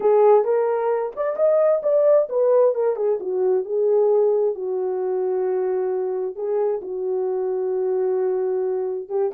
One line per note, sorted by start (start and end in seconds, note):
0.00 0.44 G#4
0.44 1.12 A#4
1.15 1.36 D5
1.36 1.81 D#5
1.82 2.28 D5
2.29 2.74 B4
2.74 2.96 A#4
2.96 3.18 G#4
3.20 3.64 F#4
3.64 4.54 G#4
4.54 6.35 F#4
6.35 6.81 G#4
6.81 9.08 F#4
9.08 9.31 G4